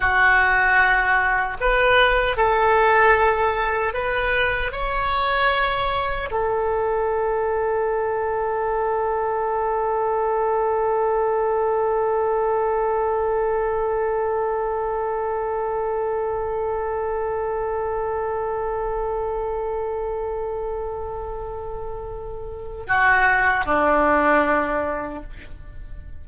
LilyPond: \new Staff \with { instrumentName = "oboe" } { \time 4/4 \tempo 4 = 76 fis'2 b'4 a'4~ | a'4 b'4 cis''2 | a'1~ | a'1~ |
a'1~ | a'1~ | a'1~ | a'4 fis'4 d'2 | }